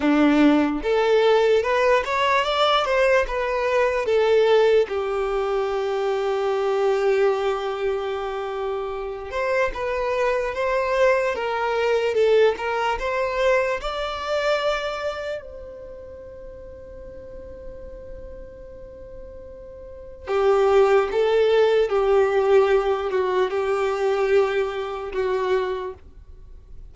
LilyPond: \new Staff \with { instrumentName = "violin" } { \time 4/4 \tempo 4 = 74 d'4 a'4 b'8 cis''8 d''8 c''8 | b'4 a'4 g'2~ | g'2.~ g'8 c''8 | b'4 c''4 ais'4 a'8 ais'8 |
c''4 d''2 c''4~ | c''1~ | c''4 g'4 a'4 g'4~ | g'8 fis'8 g'2 fis'4 | }